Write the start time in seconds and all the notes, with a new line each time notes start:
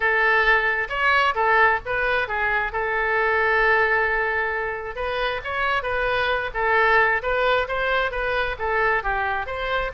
0.00 A4
0.89 C#5
1.34 A4
1.85 B4
2.27 G#4
2.72 A4
4.95 B4
5.43 C#5
5.82 B4
6.54 A4
7.22 B4
7.68 C5
8.11 B4
8.58 A4
9.03 G4
9.46 C5